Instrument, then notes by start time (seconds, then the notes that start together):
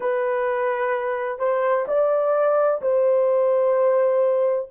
horn
0.00 B4
1.38 C5
1.87 D5
2.81 C5